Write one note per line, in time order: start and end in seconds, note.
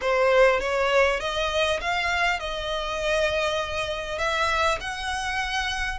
0.01 0.59 C5
0.59 1.19 C#5
1.19 1.79 D#5
1.80 2.39 F5
2.39 4.18 D#5
4.18 4.78 E5
4.80 5.98 F#5